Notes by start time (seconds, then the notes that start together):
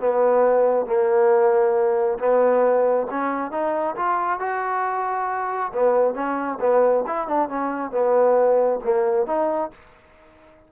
0.00 B3
0.86 A#3
2.19 B3
3.11 C#4
3.52 D#4
3.96 F4
4.40 F#4
5.73 B3
6.15 C#4
6.61 B3
7.07 E4
7.28 D4
7.49 C#4
7.92 B3
8.84 A#3
9.27 D#4